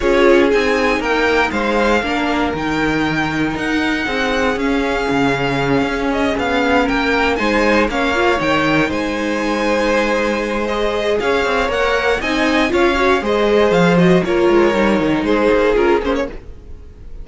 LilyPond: <<
  \new Staff \with { instrumentName = "violin" } { \time 4/4 \tempo 4 = 118 cis''4 gis''4 g''4 f''4~ | f''4 g''2 fis''4~ | fis''4 f''2. | dis''8 f''4 g''4 gis''4 f''8~ |
f''8 g''4 gis''2~ gis''8~ | gis''4 dis''4 f''4 fis''4 | gis''4 f''4 dis''4 f''8 dis''8 | cis''2 c''4 ais'8 c''16 cis''16 | }
  \new Staff \with { instrumentName = "violin" } { \time 4/4 gis'2 ais'4 c''4 | ais'1 | gis'1~ | gis'4. ais'4 c''4 cis''8~ |
cis''4. c''2~ c''8~ | c''2 cis''2 | dis''4 cis''4 c''2 | ais'2 gis'2 | }
  \new Staff \with { instrumentName = "viola" } { \time 4/4 f'4 dis'2. | d'4 dis'2.~ | dis'4 cis'2.~ | cis'2~ cis'8 dis'4 cis'8 |
f'8 dis'2.~ dis'8~ | dis'4 gis'2 ais'4 | dis'4 f'8 fis'8 gis'4. fis'8 | f'4 dis'2 f'8 cis'8 | }
  \new Staff \with { instrumentName = "cello" } { \time 4/4 cis'4 c'4 ais4 gis4 | ais4 dis2 dis'4 | c'4 cis'4 cis4. cis'8~ | cis'8 b4 ais4 gis4 ais8~ |
ais8 dis4 gis2~ gis8~ | gis2 cis'8 c'8 ais4 | c'4 cis'4 gis4 f4 | ais8 gis8 g8 dis8 gis8 ais8 cis'8 ais8 | }
>>